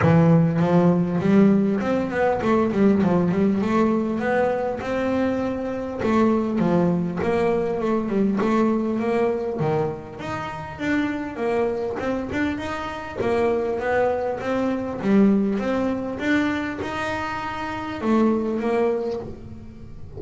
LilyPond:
\new Staff \with { instrumentName = "double bass" } { \time 4/4 \tempo 4 = 100 e4 f4 g4 c'8 b8 | a8 g8 f8 g8 a4 b4 | c'2 a4 f4 | ais4 a8 g8 a4 ais4 |
dis4 dis'4 d'4 ais4 | c'8 d'8 dis'4 ais4 b4 | c'4 g4 c'4 d'4 | dis'2 a4 ais4 | }